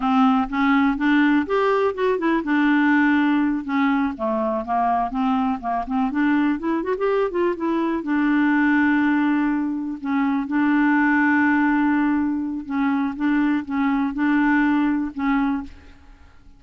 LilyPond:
\new Staff \with { instrumentName = "clarinet" } { \time 4/4 \tempo 4 = 123 c'4 cis'4 d'4 g'4 | fis'8 e'8 d'2~ d'8 cis'8~ | cis'8 a4 ais4 c'4 ais8 | c'8 d'4 e'8 fis'16 g'8. f'8 e'8~ |
e'8 d'2.~ d'8~ | d'8 cis'4 d'2~ d'8~ | d'2 cis'4 d'4 | cis'4 d'2 cis'4 | }